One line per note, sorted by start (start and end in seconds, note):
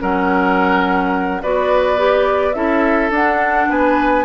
0.00 1.43 F#3
0.00 1.42 C#4
0.00 1.42 A#4
0.00 1.43 F#5
1.42 2.55 B3
1.42 1.97 F#4
1.42 2.55 B4
1.42 2.53 D5
1.97 2.54 G4
2.53 3.10 C#4
2.53 3.11 E4
2.53 3.69 A4
2.53 3.10 E5
3.10 3.67 D4
3.10 4.25 D4
3.10 3.71 F#5
3.69 4.25 B3
3.69 4.25 B4
3.69 4.25 G#5